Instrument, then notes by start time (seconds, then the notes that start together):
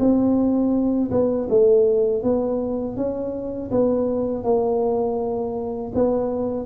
tuba
0.00 C4
1.11 B3
1.50 A3
2.23 B3
2.97 C#4
3.71 B3
4.44 A#3
5.95 B3